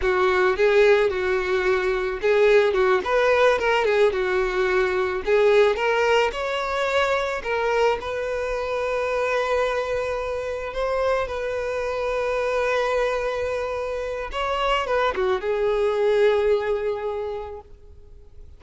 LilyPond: \new Staff \with { instrumentName = "violin" } { \time 4/4 \tempo 4 = 109 fis'4 gis'4 fis'2 | gis'4 fis'8 b'4 ais'8 gis'8 fis'8~ | fis'4. gis'4 ais'4 cis''8~ | cis''4. ais'4 b'4.~ |
b'2.~ b'8 c''8~ | c''8 b'2.~ b'8~ | b'2 cis''4 b'8 fis'8 | gis'1 | }